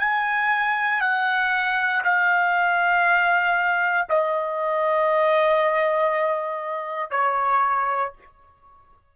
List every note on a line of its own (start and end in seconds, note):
0.00 1.01 G#5
1.01 2.02 F#5
2.04 4.08 F5
4.10 7.11 D#5
7.11 8.13 C#5